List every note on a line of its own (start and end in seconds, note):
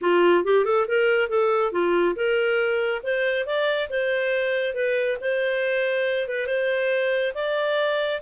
0.01 0.44 F4
0.44 0.64 G4
0.64 0.86 A4
0.87 1.29 A#4
1.29 1.71 A4
1.71 2.15 F4
2.15 3.01 A#4
3.03 3.45 C5
3.45 3.88 D5
3.89 4.74 C5
4.74 5.17 B4
5.21 6.28 C5
6.28 6.46 B4
6.46 7.33 C5
7.34 8.20 D5